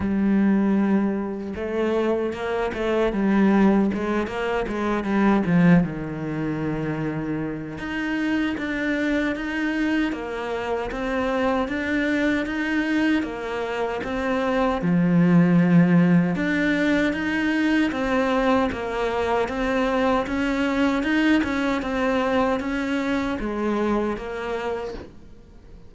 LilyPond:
\new Staff \with { instrumentName = "cello" } { \time 4/4 \tempo 4 = 77 g2 a4 ais8 a8 | g4 gis8 ais8 gis8 g8 f8 dis8~ | dis2 dis'4 d'4 | dis'4 ais4 c'4 d'4 |
dis'4 ais4 c'4 f4~ | f4 d'4 dis'4 c'4 | ais4 c'4 cis'4 dis'8 cis'8 | c'4 cis'4 gis4 ais4 | }